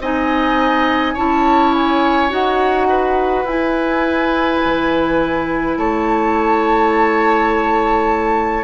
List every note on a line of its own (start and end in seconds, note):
0.00 1.15 C4
0.00 1.17 D#4
0.00 1.14 D#5
0.00 1.16 G#5
1.14 2.32 C#4
1.14 2.30 E4
1.14 2.87 C#5
1.14 1.74 A5
1.74 2.32 G#5
2.30 3.44 D#4
2.30 3.45 F#4
2.30 3.47 F#5
2.89 5.78 B4
3.44 4.60 E4
3.44 8.64 E4
3.44 5.78 G#5
4.65 5.77 E3
5.77 8.64 A3
5.77 8.64 C#5
5.77 8.64 A5